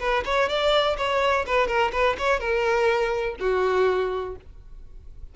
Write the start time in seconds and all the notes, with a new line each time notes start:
0.00 B4
0.25 C#5
0.49 D5
0.98 C#5
1.46 B4
1.68 A#4
1.92 B4
2.18 C#5
2.40 A#4
3.40 F#4